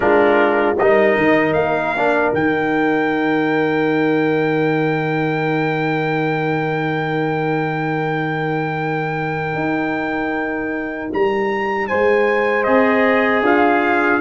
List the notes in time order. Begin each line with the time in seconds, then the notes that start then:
0.00 G#3 D4 F4 A#4
0.77 G3 D#4 A#4 D#5
1.16 D#3
1.53 A#3 F5
1.96 D4
2.33 D#3 D#4 G5
9.54 D#4
11.13 G3 A#5
11.87 G#3 C5 G#5
12.63 C4 G#4 D#5
13.42 D4 F4 F5